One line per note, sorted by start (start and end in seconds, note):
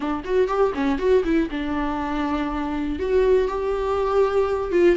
0.00 0.23 D4
0.24 0.47 F#4
0.47 0.72 G4
0.74 0.98 C#4
0.98 1.23 F#4
1.24 1.49 E4
1.50 2.99 D4
2.99 3.47 F#4
3.47 4.71 G4
4.71 4.96 F4